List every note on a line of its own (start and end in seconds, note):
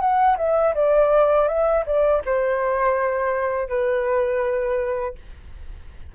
0.00 0.37 F#5
0.38 0.74 E5
0.75 1.48 D5
1.48 1.84 E5
1.86 2.22 D5
2.25 3.69 C5
3.69 5.15 B4